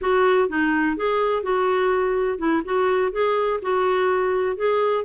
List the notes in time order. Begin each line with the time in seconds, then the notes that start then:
0.01 F#4
0.48 D#4
0.96 G#4
1.42 F#4
2.38 E4
2.64 F#4
3.12 G#4
3.62 F#4
4.56 G#4